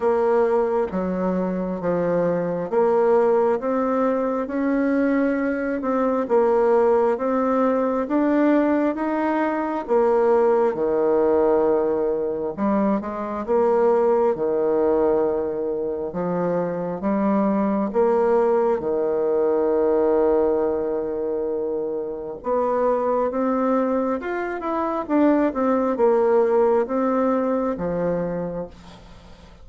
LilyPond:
\new Staff \with { instrumentName = "bassoon" } { \time 4/4 \tempo 4 = 67 ais4 fis4 f4 ais4 | c'4 cis'4. c'8 ais4 | c'4 d'4 dis'4 ais4 | dis2 g8 gis8 ais4 |
dis2 f4 g4 | ais4 dis2.~ | dis4 b4 c'4 f'8 e'8 | d'8 c'8 ais4 c'4 f4 | }